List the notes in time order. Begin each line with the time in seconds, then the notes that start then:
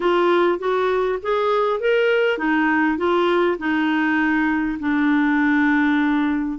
0.00 F4
0.58 F#4
1.22 G#4
1.80 A#4
2.38 D#4
2.97 F4
3.58 D#4
4.79 D4